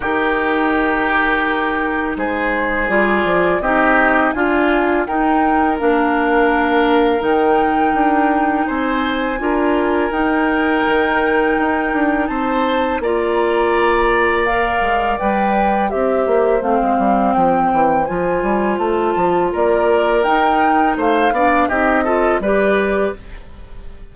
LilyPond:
<<
  \new Staff \with { instrumentName = "flute" } { \time 4/4 \tempo 4 = 83 ais'2. c''4 | d''4 dis''4 gis''4 g''4 | f''2 g''2 | gis''2 g''2~ |
g''4 a''4 ais''2 | f''4 g''4 e''4 f''4 | g''4 gis''4 a''4 d''4 | g''4 f''4 dis''4 d''4 | }
  \new Staff \with { instrumentName = "oboe" } { \time 4/4 g'2. gis'4~ | gis'4 g'4 f'4 ais'4~ | ais'1 | c''4 ais'2.~ |
ais'4 c''4 d''2~ | d''2 c''2~ | c''2. ais'4~ | ais'4 c''8 d''8 g'8 a'8 b'4 | }
  \new Staff \with { instrumentName = "clarinet" } { \time 4/4 dis'1 | f'4 dis'4 f'4 dis'4 | d'2 dis'2~ | dis'4 f'4 dis'2~ |
dis'2 f'2 | ais'4 b'4 g'4 c'4~ | c'4 f'2. | dis'4. d'8 dis'8 f'8 g'4 | }
  \new Staff \with { instrumentName = "bassoon" } { \time 4/4 dis2. gis4 | g8 f8 c'4 d'4 dis'4 | ais2 dis4 d'4 | c'4 d'4 dis'4 dis4 |
dis'8 d'8 c'4 ais2~ | ais8 gis8 g4 c'8 ais8 a16 gis16 g8 | f8 e8 f8 g8 a8 f8 ais4 | dis'4 a8 b8 c'4 g4 | }
>>